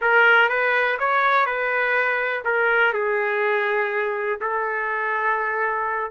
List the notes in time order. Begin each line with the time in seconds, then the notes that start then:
0.01 A#4
0.49 B4
0.99 C#5
1.45 B4
2.44 A#4
2.93 G#4
4.40 A4